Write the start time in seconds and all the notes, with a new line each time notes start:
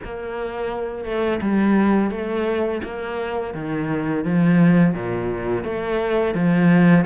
0.04 A#3
1.04 A3
1.41 G3
2.10 A3
2.83 A#3
3.54 D#3
4.24 F3
4.93 A#2
5.64 A3
6.34 F3